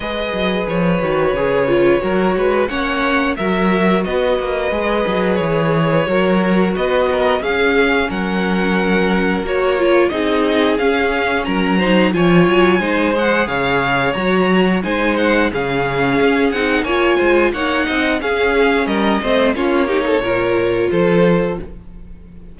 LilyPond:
<<
  \new Staff \with { instrumentName = "violin" } { \time 4/4 \tempo 4 = 89 dis''4 cis''2. | fis''4 e''4 dis''2 | cis''2 dis''4 f''4 | fis''2 cis''4 dis''4 |
f''4 ais''4 gis''4. fis''8 | f''4 ais''4 gis''8 fis''8 f''4~ | f''8 fis''8 gis''4 fis''4 f''4 | dis''4 cis''2 c''4 | }
  \new Staff \with { instrumentName = "violin" } { \time 4/4 b'2. ais'8 b'8 | cis''4 ais'4 b'2~ | b'4 ais'4 b'8 ais'8 gis'4 | ais'2. gis'4~ |
gis'4 ais'8 c''8 cis''4 c''4 | cis''2 c''4 gis'4~ | gis'4 cis''8 c''8 cis''8 dis''8 gis'4 | ais'8 c''8 f'8 g'16 a'16 ais'4 a'4 | }
  \new Staff \with { instrumentName = "viola" } { \time 4/4 gis'4. fis'8 gis'8 f'8 fis'4 | cis'4 fis'2 gis'4~ | gis'4 fis'2 cis'4~ | cis'2 fis'8 f'8 dis'4 |
cis'4. dis'8 f'4 dis'8 gis'8~ | gis'4 fis'4 dis'4 cis'4~ | cis'8 dis'8 f'4 dis'4 cis'4~ | cis'8 c'8 cis'8 dis'8 f'2 | }
  \new Staff \with { instrumentName = "cello" } { \time 4/4 gis8 fis8 f8 dis8 cis4 fis8 gis8 | ais4 fis4 b8 ais8 gis8 fis8 | e4 fis4 b4 cis'4 | fis2 ais4 c'4 |
cis'4 fis4 f8 fis8 gis4 | cis4 fis4 gis4 cis4 | cis'8 c'8 ais8 gis8 ais8 c'8 cis'4 | g8 a8 ais4 ais,4 f4 | }
>>